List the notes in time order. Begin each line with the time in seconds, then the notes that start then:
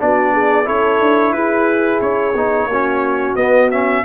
0.00 B3 D4 F#4 D5
0.33 G#4
0.65 C#4 E4 A4 C#5
1.01 D4
1.33 E4 G#4 B4
2.01 C#4 C#5
2.34 B3 D#4
2.66 A#3 C#4 F#4
3.36 B3 D#5
3.71 C#4 E5